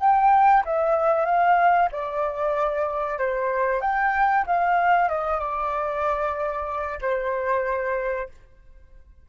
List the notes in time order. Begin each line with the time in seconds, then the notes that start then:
0.00 G5
0.65 E5
1.25 F5
1.92 D5
3.19 C5
3.81 G5
4.47 F5
5.09 D#5
5.40 D5
7.01 C5